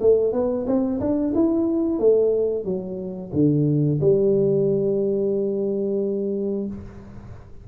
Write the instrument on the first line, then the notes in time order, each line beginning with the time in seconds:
tuba
0.00 A3
0.32 B3
0.67 C4
1.00 D4
1.35 E4
1.99 A3
2.65 F#3
3.33 D3
4.00 G3